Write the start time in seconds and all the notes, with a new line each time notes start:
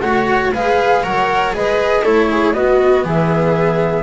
0.00 A3 F#4 C#5 F#5
0.54 G#3 G#4 B4 F5
1.03 F#3 A#4 C#5 F#5
1.53 G#3 G#4 B4 D#5
2.02 A3 E4 A4 C#5
2.31 G#4
2.54 B3 F#4 D#5
3.04 E3 G#4 E5